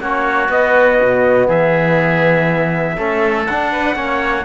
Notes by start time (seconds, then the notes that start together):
0.00 A#3 C#4 F#4 C#5
0.49 B3 D#5
1.01 B2
1.47 E3 G#4 E5
2.97 A3 C#4 A4
3.46 D4 F#5
3.72 B4
3.94 A#3 C#4 C#5